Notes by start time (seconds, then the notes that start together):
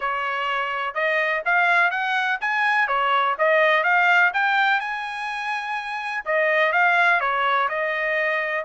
0.00 C#5
0.94 D#5
1.45 F5
1.90 F#5
2.40 G#5
2.87 C#5
3.38 D#5
3.83 F5
4.33 G5
4.80 G#5
6.25 D#5
6.72 F5
7.20 C#5
7.68 D#5